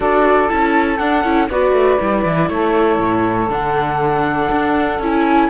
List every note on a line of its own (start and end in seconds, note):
0.00 0.50 D4
0.00 0.48 F#4
0.00 1.49 A4
0.00 0.49 D5
0.48 0.99 C#4
0.48 0.98 E4
0.48 0.97 A5
0.97 1.24 D4
0.97 1.23 D4
0.97 1.47 F#5
1.23 1.49 C#4
1.23 1.48 E4
1.49 1.72 B3
1.49 1.98 F#4
1.49 2.50 B4
1.49 2.49 D5
1.72 1.97 A3
1.98 2.25 G3
1.98 3.48 E4
2.25 2.49 E3
2.49 2.99 A3
2.49 5.49 A4
2.49 3.49 C#5
2.99 3.48 A2
3.48 4.48 D3
3.48 5.00 D4
3.48 5.01 F#5
4.50 4.99 D4
4.99 5.49 C#4
4.99 5.49 E4
4.99 5.49 G#5